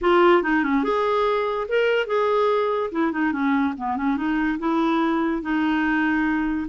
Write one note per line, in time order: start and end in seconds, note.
0.01 0.42 F4
0.42 0.63 D#4
0.63 0.83 C#4
0.83 1.67 G#4
1.68 2.07 A#4
2.07 2.90 G#4
2.91 3.12 E4
3.12 3.32 D#4
3.32 3.74 C#4
3.77 3.97 B3
3.97 4.16 C#4
4.16 4.58 D#4
4.58 5.42 E4
5.42 6.67 D#4